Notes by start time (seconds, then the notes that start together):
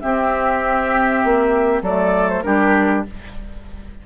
0.00 C4 G4 E5
1.24 A#3
1.82 F#3 A3 A4 D5
2.30 C5
2.43 G3 D4 G4 A#4